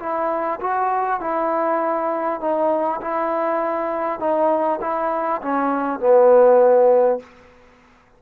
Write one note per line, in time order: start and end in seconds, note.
0.00 0.60 E4
0.61 1.21 F#4
1.21 2.41 E4
2.41 3.01 D#4
3.01 4.20 E4
4.20 4.80 D#4
4.81 5.41 E4
5.42 5.99 C#4
5.99 7.19 B3